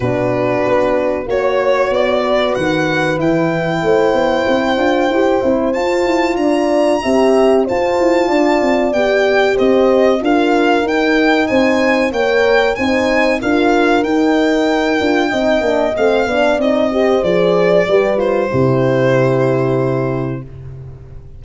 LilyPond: <<
  \new Staff \with { instrumentName = "violin" } { \time 4/4 \tempo 4 = 94 b'2 cis''4 d''4 | fis''4 g''2.~ | g''4 a''4 ais''2 | a''2 g''4 dis''4 |
f''4 g''4 gis''4 g''4 | gis''4 f''4 g''2~ | g''4 f''4 dis''4 d''4~ | d''8 c''2.~ c''8 | }
  \new Staff \with { instrumentName = "horn" } { \time 4/4 fis'2 cis''4. b'8~ | b'2 c''2~ | c''2 d''4 e''4 | c''4 d''2 c''4 |
ais'2 c''4 cis''4 | c''4 ais'2. | dis''4. d''4 c''4. | b'4 g'2. | }
  \new Staff \with { instrumentName = "horn" } { \time 4/4 d'2 fis'2~ | fis'4 e'2~ e'8 f'8 | g'8 e'8 f'2 g'4 | f'2 g'2 |
f'4 dis'2 ais'4 | dis'4 f'4 dis'4. f'8 | dis'8 d'8 c'8 d'8 dis'8 g'8 gis'4 | g'8 f'8 e'2. | }
  \new Staff \with { instrumentName = "tuba" } { \time 4/4 b,4 b4 ais4 b4 | dis4 e4 a8 b8 c'8 d'8 | e'8 c'8 f'8 e'8 d'4 c'4 | f'8 e'8 d'8 c'8 b4 c'4 |
d'4 dis'4 c'4 ais4 | c'4 d'4 dis'4. d'8 | c'8 ais8 a8 b8 c'4 f4 | g4 c2. | }
>>